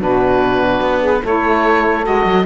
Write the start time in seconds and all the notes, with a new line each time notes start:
0.00 B2 D4 F#4 B4
0.81 B3
1.01 G#4
1.23 A3 E4 A4 C#5
2.03 G#3 F#4 D#5
2.25 F#3